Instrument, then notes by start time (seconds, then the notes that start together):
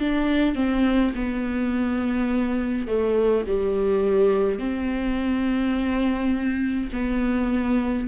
viola
0.00 D4
0.55 C4
1.15 B3
2.87 A3
3.47 G3
4.59 C4
6.93 B3